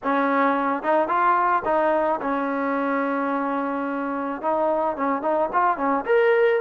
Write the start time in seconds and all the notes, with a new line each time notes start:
0.03 C#4
0.82 D#4
1.07 F4
1.64 D#4
2.21 C#4
4.41 D#4
4.96 C#4
5.21 D#4
5.52 F4
5.77 C#4
6.05 A#4